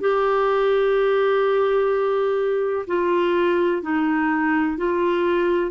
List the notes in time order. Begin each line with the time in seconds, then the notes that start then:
0.00 G4
2.87 F4
3.82 D#4
4.77 F4